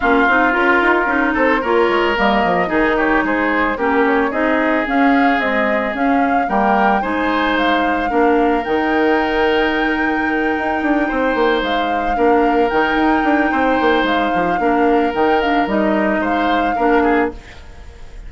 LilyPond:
<<
  \new Staff \with { instrumentName = "flute" } { \time 4/4 \tempo 4 = 111 f''4 ais'4. c''8 cis''4 | dis''4. cis''8 c''4 ais'8 cis''8 | dis''4 f''4 dis''4 f''4 | g''4 gis''4 f''2 |
g''1~ | g''4. f''2 g''8~ | g''2 f''2 | g''8 f''8 dis''4 f''2 | }
  \new Staff \with { instrumentName = "oboe" } { \time 4/4 f'2~ f'8 a'8 ais'4~ | ais'4 gis'8 g'8 gis'4 g'4 | gis'1 | ais'4 c''2 ais'4~ |
ais'1~ | ais'8 c''2 ais'4.~ | ais'4 c''2 ais'4~ | ais'2 c''4 ais'8 gis'8 | }
  \new Staff \with { instrumentName = "clarinet" } { \time 4/4 cis'8 dis'8 f'4 dis'4 f'4 | ais4 dis'2 cis'4 | dis'4 cis'4 gis4 cis'4 | ais4 dis'2 d'4 |
dis'1~ | dis'2~ dis'8 d'4 dis'8~ | dis'2. d'4 | dis'8 d'8 dis'2 d'4 | }
  \new Staff \with { instrumentName = "bassoon" } { \time 4/4 ais8 c'8 cis'8 dis'8 cis'8 c'8 ais8 gis8 | g8 f8 dis4 gis4 ais4 | c'4 cis'4 c'4 cis'4 | g4 gis2 ais4 |
dis2.~ dis8 dis'8 | d'8 c'8 ais8 gis4 ais4 dis8 | dis'8 d'8 c'8 ais8 gis8 f8 ais4 | dis4 g4 gis4 ais4 | }
>>